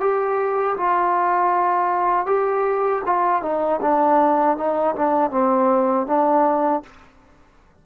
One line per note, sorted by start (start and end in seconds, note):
0.00 0.76 G4
0.77 2.26 F4
2.26 3.02 G4
3.06 3.42 F4
3.42 3.80 D#4
3.81 4.57 D4
4.57 4.95 D#4
4.95 5.30 D4
5.30 6.06 C4
6.06 6.82 D4